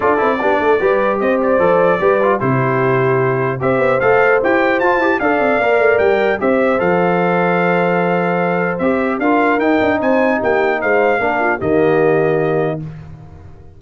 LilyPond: <<
  \new Staff \with { instrumentName = "trumpet" } { \time 4/4 \tempo 4 = 150 d''2. dis''8 d''8~ | d''2 c''2~ | c''4 e''4 f''4 g''4 | a''4 f''2 g''4 |
e''4 f''2.~ | f''2 e''4 f''4 | g''4 gis''4 g''4 f''4~ | f''4 dis''2. | }
  \new Staff \with { instrumentName = "horn" } { \time 4/4 a'4 g'8 a'8 b'4 c''4~ | c''4 b'4 g'2~ | g'4 c''2.~ | c''4 d''2. |
c''1~ | c''2. ais'4~ | ais'4 c''4 g'4 c''4 | ais'8 f'8 g'2. | }
  \new Staff \with { instrumentName = "trombone" } { \time 4/4 f'8 e'8 d'4 g'2 | a'4 g'8 f'8 e'2~ | e'4 g'4 a'4 g'4 | f'8 g'8 a'4 ais'2 |
g'4 a'2.~ | a'2 g'4 f'4 | dis'1 | d'4 ais2. | }
  \new Staff \with { instrumentName = "tuba" } { \time 4/4 d'8 c'8 b8 a8 g4 c'4 | f4 g4 c2~ | c4 c'8 b8 a4 e'4 | f'8 e'8 d'8 c'8 ais8 a8 g4 |
c'4 f2.~ | f2 c'4 d'4 | dis'8 d'8 c'4 ais4 gis4 | ais4 dis2. | }
>>